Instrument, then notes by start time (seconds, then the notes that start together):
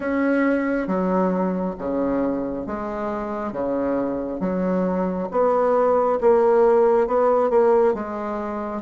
bassoon
0.00 C#4
0.87 F#3
1.78 C#3
2.66 G#3
3.52 C#3
4.40 F#3
5.31 B3
6.20 A#3
7.07 B3
7.50 A#3
7.94 G#3